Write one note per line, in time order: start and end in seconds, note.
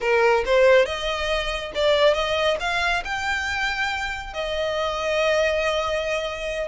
0.00 0.43 A#4
0.45 0.85 C5
0.85 1.71 D#5
1.74 2.14 D5
2.14 2.57 D#5
2.60 3.03 F5
3.04 4.33 G5
4.33 6.68 D#5